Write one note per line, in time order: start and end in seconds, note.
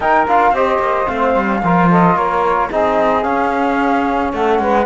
0.00 0.26 D#4
0.00 0.27 D#4
0.00 0.52 A#4
0.00 0.27 G5
0.27 0.51 D4
0.27 0.55 F4
0.27 0.55 F5
0.51 0.78 C4
0.51 1.06 G4
0.51 1.61 C5
0.51 1.08 D#5
0.79 1.06 A#3
1.06 1.35 A3
1.06 1.60 C4
1.06 1.89 F5
1.35 1.62 G3
1.63 2.15 F3
1.63 2.70 F4
1.63 1.89 A#4
1.89 2.15 A4
1.89 2.16 D#5
2.15 2.69 A#3
2.15 2.69 A#4
2.15 2.70 C#5
2.70 3.24 C4
2.70 3.22 D#4
2.70 4.33 G#4
2.70 3.23 D#5
3.22 4.84 C#4
3.22 4.32 C#4
3.22 4.31 F5
4.32 4.59 A3
4.32 4.61 A4
4.32 4.86 F#5
4.59 4.86 G#3
4.59 4.86 B4